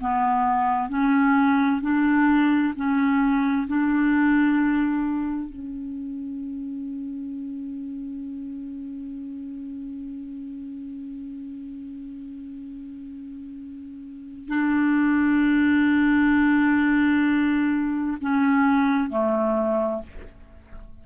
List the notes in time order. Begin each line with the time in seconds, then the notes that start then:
0.00 B3
0.89 C#4
1.82 D4
2.76 C#4
3.67 D4
5.50 C#4
14.48 D4
18.21 C#4
19.10 A3